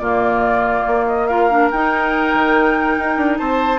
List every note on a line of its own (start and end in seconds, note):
0.00 0.85 A#2
0.00 1.28 A#3
0.00 1.28 F4
0.00 1.06 D5
0.87 1.72 A#3
1.07 1.27 D#5
1.27 1.50 F4
1.27 3.39 A#4
1.27 1.69 F5
1.51 1.72 D4
1.71 2.34 D#4
1.71 3.79 D#4
1.71 3.38 G5
2.34 2.98 D#3
2.99 3.18 D#4
3.18 3.39 D4
3.38 3.79 C4
3.38 3.79 C5
3.38 3.79 A5